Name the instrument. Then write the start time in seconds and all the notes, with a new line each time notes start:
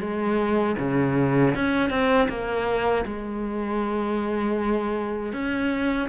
cello
0.00 G#3
0.78 C#3
1.55 C#4
1.90 C4
2.29 A#3
3.06 G#3
5.33 C#4